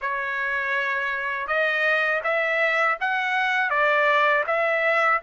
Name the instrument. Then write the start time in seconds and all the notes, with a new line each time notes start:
trumpet
0.01 C#5
1.47 D#5
2.23 E5
3.00 F#5
3.69 D5
4.46 E5